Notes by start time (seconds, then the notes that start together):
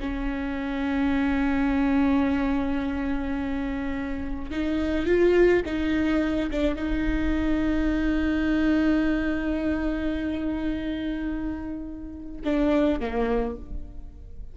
0.00 C#4
4.51 D#4
5.06 F4
5.66 D#4
6.51 D4
6.75 D#4
12.45 D4
13.00 A#3